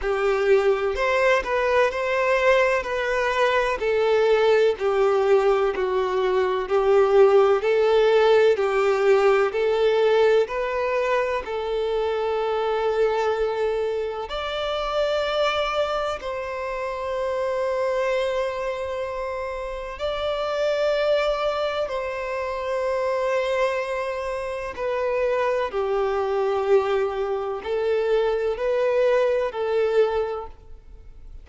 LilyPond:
\new Staff \with { instrumentName = "violin" } { \time 4/4 \tempo 4 = 63 g'4 c''8 b'8 c''4 b'4 | a'4 g'4 fis'4 g'4 | a'4 g'4 a'4 b'4 | a'2. d''4~ |
d''4 c''2.~ | c''4 d''2 c''4~ | c''2 b'4 g'4~ | g'4 a'4 b'4 a'4 | }